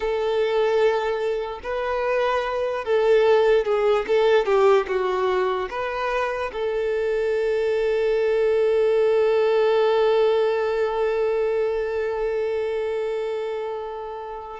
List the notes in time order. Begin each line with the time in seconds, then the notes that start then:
0.00 A4
1.63 B4
2.85 A4
3.65 G#4
4.07 A4
4.45 G4
4.87 F#4
5.70 B4
6.52 A4